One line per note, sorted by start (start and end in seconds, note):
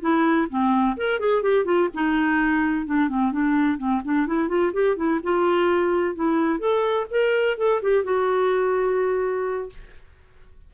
0.00 0.47 E4
0.49 0.96 C4
0.96 1.19 A#4
1.19 1.42 G#4
1.42 1.64 G4
1.64 1.88 F4
1.93 2.86 D#4
2.86 3.08 D4
3.08 3.31 C4
3.31 3.78 D4
3.78 4.01 C4
4.04 4.26 D4
4.26 4.48 E4
4.48 4.72 F4
4.73 4.96 G4
4.96 5.19 E4
5.23 6.15 F4
6.15 6.59 E4
6.59 7.06 A4
7.10 7.57 A#4
7.57 7.81 A4
7.82 8.04 G4
8.04 9.69 F#4